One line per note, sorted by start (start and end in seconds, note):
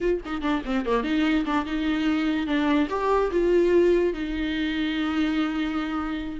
0.01 0.21 F4
0.25 0.41 D#4
0.41 0.62 D4
0.65 0.85 C4
0.85 1.03 A#3
1.03 1.44 D#4
1.45 1.65 D4
1.65 2.46 D#4
2.46 2.88 D4
2.89 3.30 G4
3.31 4.13 F4
4.13 6.40 D#4